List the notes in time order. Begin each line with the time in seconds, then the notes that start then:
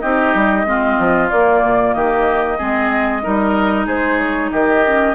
0.00 C4 D#4 G4 D#5
0.35 G3
0.65 G#3 C4 F4
0.99 F3
1.30 A#3 D5
1.62 A#2
1.94 D#3 G4 D#5
2.58 G#3 C4 G#4
3.22 G3 D#4 A#4
3.86 G#3 G#4 C5
4.19 C#5
4.52 D#3 G4 D#5
4.86 C#4